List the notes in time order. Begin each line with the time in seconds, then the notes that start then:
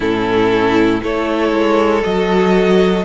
0.00 A2 C#4 E4 A4
1.00 A3 E4 A4 C#5
1.51 G#3
2.03 F#3 F#4 D#5